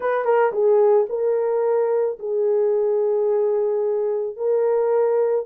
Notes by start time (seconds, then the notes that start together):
0.00 B4
0.24 A#4
0.52 G#4
1.09 A#4
2.19 G#4
4.36 A#4